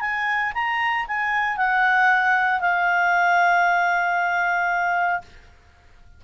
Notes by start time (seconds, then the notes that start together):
0.00 G#5
0.54 A#5
1.07 G#5
1.57 F#5
2.60 F5